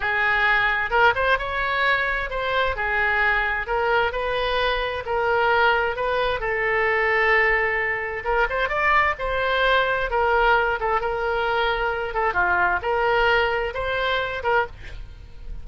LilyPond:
\new Staff \with { instrumentName = "oboe" } { \time 4/4 \tempo 4 = 131 gis'2 ais'8 c''8 cis''4~ | cis''4 c''4 gis'2 | ais'4 b'2 ais'4~ | ais'4 b'4 a'2~ |
a'2 ais'8 c''8 d''4 | c''2 ais'4. a'8 | ais'2~ ais'8 a'8 f'4 | ais'2 c''4. ais'8 | }